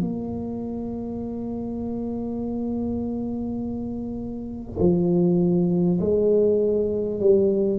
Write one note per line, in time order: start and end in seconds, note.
0.00 4.79 A#3
4.79 5.99 F3
6.00 7.20 G#3
7.20 7.79 G3